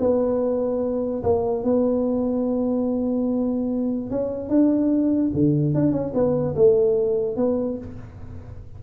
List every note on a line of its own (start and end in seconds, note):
0.00 1.23 B3
1.24 1.64 A#3
1.64 4.11 B3
4.11 4.49 C#4
4.49 5.32 D4
5.34 5.75 D3
5.75 5.92 D4
5.92 6.13 C#4
6.14 6.55 B3
6.55 7.37 A3
7.37 7.78 B3